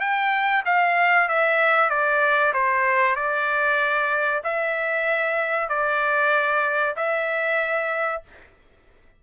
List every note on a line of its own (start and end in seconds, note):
0.00 0.63 G5
0.65 1.29 F5
1.29 1.90 E5
1.90 2.53 D5
2.53 3.16 C5
3.16 4.42 D5
4.44 5.69 E5
5.69 6.95 D5
6.96 8.22 E5